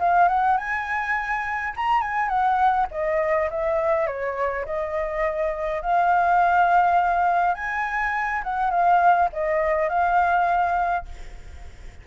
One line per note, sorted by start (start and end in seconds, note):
0.00 0.29 F5
0.29 0.58 F#5
0.58 1.74 G#5
1.77 2.02 A#5
2.02 2.29 G#5
2.29 2.87 F#5
2.92 3.50 D#5
3.51 4.07 E5
4.07 4.65 C#5
4.66 5.82 D#5
5.82 7.55 F5
7.55 8.43 G#5
8.44 8.71 F#5
8.71 9.30 F5
9.33 9.89 D#5
9.89 11.06 F5